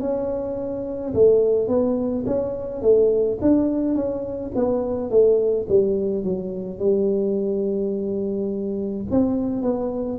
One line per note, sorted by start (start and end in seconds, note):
0.00 1.13 C#4
1.14 1.68 A3
1.68 2.24 B3
2.26 2.82 C#4
2.82 3.39 A3
3.41 3.95 D4
3.95 4.51 C#4
4.55 5.10 B3
5.10 5.67 A3
5.69 6.24 G3
6.24 6.79 F#3
6.79 9.05 G3
9.11 9.62 C4
9.62 10.19 B3